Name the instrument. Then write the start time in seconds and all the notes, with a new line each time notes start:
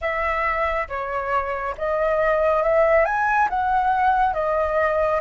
flute
0.01 E5
0.88 C#5
1.77 D#5
2.62 E5
3.05 G#5
3.49 F#5
4.33 D#5